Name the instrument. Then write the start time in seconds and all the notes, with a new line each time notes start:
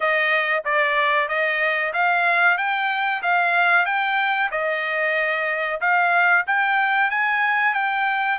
trumpet
0.00 D#5
0.64 D5
1.28 D#5
1.93 F5
2.57 G5
3.22 F5
3.85 G5
4.51 D#5
5.80 F5
6.46 G5
7.10 G#5
7.74 G5